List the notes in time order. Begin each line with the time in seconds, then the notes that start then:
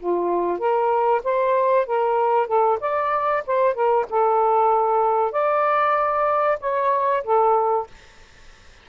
0.00 F4
0.59 A#4
1.24 C5
1.86 A#4
2.47 A4
2.80 D5
3.47 C5
3.74 A#4
4.10 A4
5.32 D5
6.61 C#5
7.24 A4